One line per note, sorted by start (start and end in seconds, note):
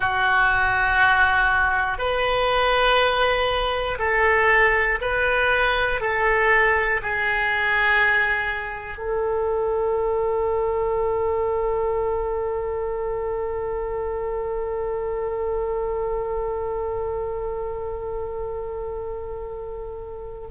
0.00 1.97 F#4
1.97 3.98 B4
3.99 4.99 A4
5.01 6.00 B4
6.00 7.00 A4
7.02 8.97 G#4
8.97 20.47 A4